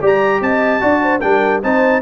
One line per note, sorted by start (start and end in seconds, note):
0.00 0.41 G3
0.00 0.80 G4
0.00 0.40 D5
0.00 0.42 A#5
0.41 0.81 C4
0.41 0.82 D#5
0.41 1.20 A5
0.80 1.23 D4
0.80 1.20 F#4
0.80 1.02 D5
1.03 1.23 C5
1.20 1.63 G3
1.20 1.62 D4
1.20 1.63 A#4
1.20 1.60 G5
1.63 2.01 C4
1.63 2.01 D#4
1.63 2.01 C5
1.63 2.01 A5